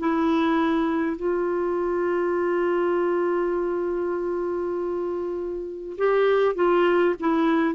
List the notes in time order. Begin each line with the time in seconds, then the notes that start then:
0.00 E4
1.17 F4
5.98 G4
6.56 F4
7.20 E4